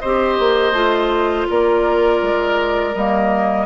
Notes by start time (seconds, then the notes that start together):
0.00 C4 G4 C5 D#5
0.39 A#3
0.73 A3 F4
1.50 A#3 A#4 D5
2.22 G#3
2.95 G3 A#3 D#5